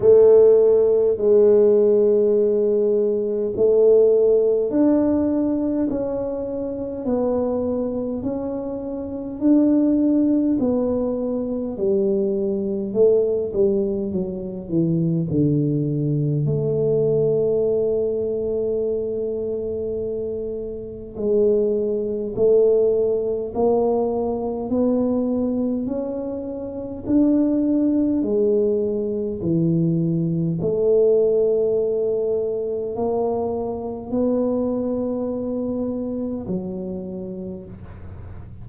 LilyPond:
\new Staff \with { instrumentName = "tuba" } { \time 4/4 \tempo 4 = 51 a4 gis2 a4 | d'4 cis'4 b4 cis'4 | d'4 b4 g4 a8 g8 | fis8 e8 d4 a2~ |
a2 gis4 a4 | ais4 b4 cis'4 d'4 | gis4 e4 a2 | ais4 b2 fis4 | }